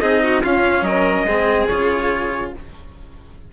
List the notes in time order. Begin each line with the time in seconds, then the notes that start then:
0.00 C4 D#4 G#4 D#5
0.24 F#4
0.43 C#4 F4 F5
0.82 F#3 A#4 D#5
1.25 G#3 C4 G#4
1.68 C#3 F4 C#5